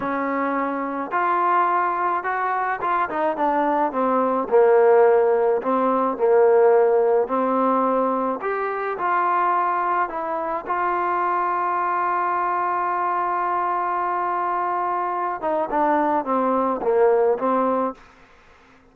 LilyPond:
\new Staff \with { instrumentName = "trombone" } { \time 4/4 \tempo 4 = 107 cis'2 f'2 | fis'4 f'8 dis'8 d'4 c'4 | ais2 c'4 ais4~ | ais4 c'2 g'4 |
f'2 e'4 f'4~ | f'1~ | f'2.~ f'8 dis'8 | d'4 c'4 ais4 c'4 | }